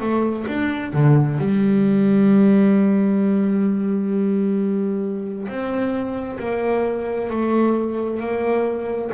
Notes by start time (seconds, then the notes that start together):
0.00 A3
0.47 D4
0.93 D3
1.38 G3
5.48 C4
6.39 A#3
7.30 A3
8.19 A#3